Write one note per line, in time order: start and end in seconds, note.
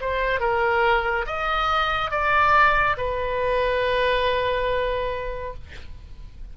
0.00 0.39 C5
0.39 1.25 A#4
1.26 2.10 D#5
2.10 2.96 D5
2.96 5.54 B4